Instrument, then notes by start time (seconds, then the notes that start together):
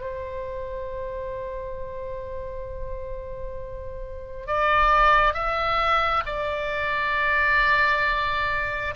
oboe
0.00 C5
4.47 D5
5.34 E5
6.26 D5